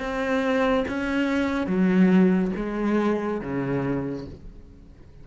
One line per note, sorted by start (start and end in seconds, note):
0.00 0.85 C4
0.88 1.67 C#4
1.67 2.52 F#3
2.56 3.41 G#3
3.41 4.26 C#3